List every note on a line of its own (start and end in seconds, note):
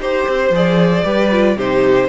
0.00 0.26 D#4
0.00 0.54 G4
0.00 1.05 C5
0.00 0.55 C5
0.28 0.51 C4
0.51 1.03 F3
0.51 1.05 G#4
0.51 1.59 D5
1.05 1.57 G3
1.05 1.31 G4
1.05 1.58 B4
1.32 1.58 F4
1.57 2.09 C3
1.57 2.10 D#4
1.57 2.10 G4
1.57 2.10 C5